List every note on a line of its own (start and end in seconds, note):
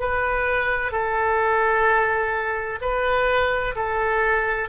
0.00 0.92 B4
0.92 2.79 A4
2.81 3.75 B4
3.76 4.69 A4